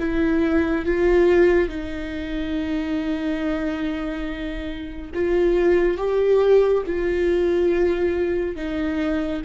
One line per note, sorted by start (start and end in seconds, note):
0.00 0.86 E4
0.86 1.69 F4
1.69 5.12 D#4
5.14 5.98 F4
5.98 6.84 G4
6.87 8.56 F4
8.56 9.42 D#4